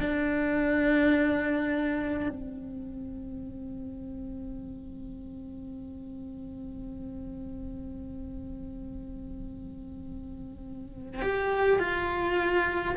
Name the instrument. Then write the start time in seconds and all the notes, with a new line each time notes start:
cello
0.00 D4
2.29 C4
11.21 G4
11.79 F4